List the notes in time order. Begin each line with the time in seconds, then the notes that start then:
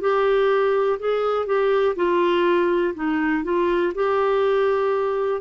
0.00 G4
0.99 G#4
1.46 G4
1.96 F4
2.94 D#4
3.43 F4
3.94 G4